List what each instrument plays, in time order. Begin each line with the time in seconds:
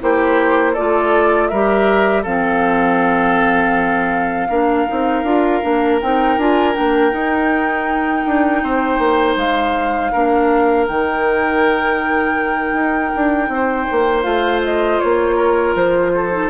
0.00 bassoon A#3, clarinet E4, oboe G4, flute C5
0.73 bassoon A3, clarinet F4, oboe A4, flute D5
1.48 bassoon G3, clarinet G4, oboe A#4, flute E5
2.22 bassoon F3, clarinet C4, oboe A4, flute F5
4.49 bassoon A#3, clarinet D4, oboe A#4
4.87 bassoon C4, clarinet D#4
5.23 bassoon D4, clarinet F4
5.62 bassoon A#3, clarinet D4
6.00 bassoon C4, clarinet D#4, flute G5
6.37 bassoon D4, clarinet F4, flute G#5
6.73 bassoon A#3, clarinet D4, flute G5
7.11 clarinet D#4, bassoon D#4
8.26 bassoon D4
8.63 bassoon C4, oboe C5
8.98 bassoon A#3
9.36 bassoon G#3, flute F5
10.12 bassoon A#3, clarinet D4, oboe A#4
10.86 bassoon D#3, clarinet D#4, flute G5
12.73 bassoon D#4
13.15 bassoon D4
13.48 bassoon C4, oboe C5
13.91 bassoon A#3
14.23 bassoon A3, clarinet F4, flute F5
14.64 flute D#5
14.99 bassoon A#3, flute C#5
15.36 oboe A#4
15.75 bassoon F3, flute C5
16.14 oboe A4
16.31 clarinet D#4